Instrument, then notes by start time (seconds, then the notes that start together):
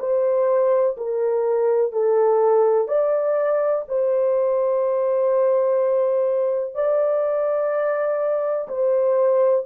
horn
0.00 C5
0.98 A#4
1.93 A4
2.89 D5
3.89 C5
6.75 D5
8.69 C5